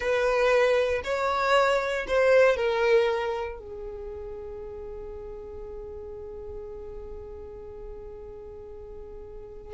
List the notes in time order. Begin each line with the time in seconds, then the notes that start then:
0.00 B4
1.03 C#5
2.07 C5
2.56 A#4
3.59 G#4